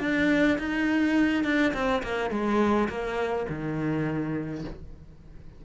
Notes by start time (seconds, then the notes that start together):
0.00 D4
0.58 D#4
1.43 D4
1.73 C4
2.03 A#3
2.30 G#3
2.89 A#3
3.49 D#3